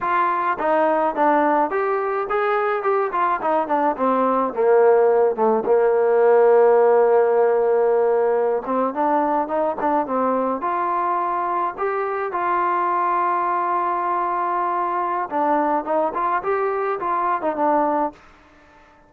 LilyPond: \new Staff \with { instrumentName = "trombone" } { \time 4/4 \tempo 4 = 106 f'4 dis'4 d'4 g'4 | gis'4 g'8 f'8 dis'8 d'8 c'4 | ais4. a8 ais2~ | ais2.~ ais16 c'8 d'16~ |
d'8. dis'8 d'8 c'4 f'4~ f'16~ | f'8. g'4 f'2~ f'16~ | f'2. d'4 | dis'8 f'8 g'4 f'8. dis'16 d'4 | }